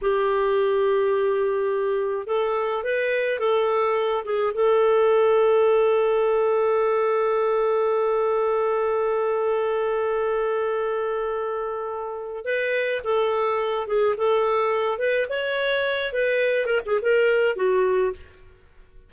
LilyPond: \new Staff \with { instrumentName = "clarinet" } { \time 4/4 \tempo 4 = 106 g'1 | a'4 b'4 a'4. gis'8 | a'1~ | a'1~ |
a'1~ | a'2 b'4 a'4~ | a'8 gis'8 a'4. b'8 cis''4~ | cis''8 b'4 ais'16 gis'16 ais'4 fis'4 | }